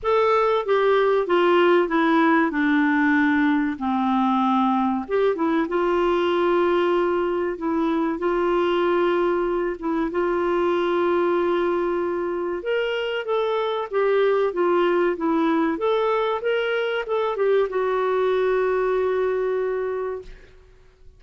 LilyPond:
\new Staff \with { instrumentName = "clarinet" } { \time 4/4 \tempo 4 = 95 a'4 g'4 f'4 e'4 | d'2 c'2 | g'8 e'8 f'2. | e'4 f'2~ f'8 e'8 |
f'1 | ais'4 a'4 g'4 f'4 | e'4 a'4 ais'4 a'8 g'8 | fis'1 | }